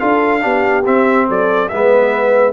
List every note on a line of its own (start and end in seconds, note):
0.00 0.45 D4
0.00 0.41 F4
0.00 0.43 A4
0.00 0.85 F5
0.41 0.87 B3
0.41 0.84 D4
0.41 1.28 G4
0.86 1.71 C4
0.86 1.29 C4
0.86 1.29 E5
1.29 1.72 F#3
1.29 1.70 A4
1.29 1.69 D5
1.69 2.53 G#3
1.69 2.53 B3
1.69 2.53 B4
1.69 2.53 E5